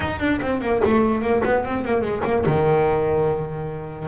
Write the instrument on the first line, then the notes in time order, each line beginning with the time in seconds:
double bass
0.00 D#4
0.19 D4
0.41 C4
0.61 A#3
0.84 A3
1.21 A#3
1.44 B3
1.64 C4
1.85 A#3
2.01 G#3
2.24 A#3
2.46 D#3